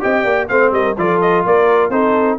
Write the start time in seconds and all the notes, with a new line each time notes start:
0.00 C4 G4 D#5 G5
0.23 A#3 D5
0.48 A3 C4 C5 F5
0.71 G3 A#4 D#5
0.97 F3 F4 A4 D5
1.21 D#5
1.45 A#3 A#4 D5
1.89 C4 D#4 A4 C5